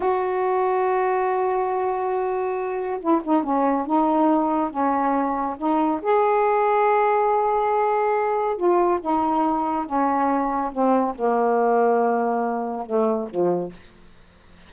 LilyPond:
\new Staff \with { instrumentName = "saxophone" } { \time 4/4 \tempo 4 = 140 fis'1~ | fis'2. e'8 dis'8 | cis'4 dis'2 cis'4~ | cis'4 dis'4 gis'2~ |
gis'1 | f'4 dis'2 cis'4~ | cis'4 c'4 ais2~ | ais2 a4 f4 | }